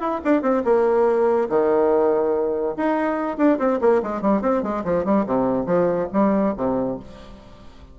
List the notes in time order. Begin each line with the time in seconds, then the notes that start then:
0.00 E4
0.25 D4
0.42 C4
0.65 A#3
1.49 D#3
2.77 D#4
3.38 D4
3.59 C4
3.81 A#3
4.03 G#3
4.22 G3
4.42 C4
4.63 G#3
4.84 F3
5.05 G3
5.27 C3
5.66 F3
6.13 G3
6.57 C3